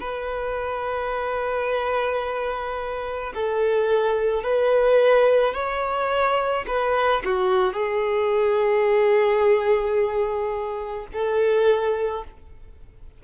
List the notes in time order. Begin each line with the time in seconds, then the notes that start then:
0.00 B4
3.35 A4
4.43 B4
5.54 C#5
6.68 B4
7.25 F#4
7.73 G#4
11.13 A4